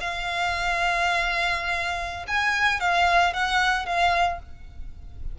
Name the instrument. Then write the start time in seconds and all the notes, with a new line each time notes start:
violin
0.00 F5
2.28 G#5
2.80 F5
3.34 F#5
3.86 F5